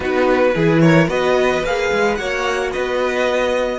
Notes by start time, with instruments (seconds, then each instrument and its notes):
0.00 cello B3, viola D#4, violin F#4 B4
0.53 cello E3, viola E4, violin G#4
0.80 violin A#4 C#5
1.08 cello B3, viola F#4, violin B4 D#5
1.63 cello A#3, viola G#4, violin F5
1.91 cello G#3
2.15 cello A#3, viola F#4, violin C#5 F#5
2.71 cello B3, violin B4 D#5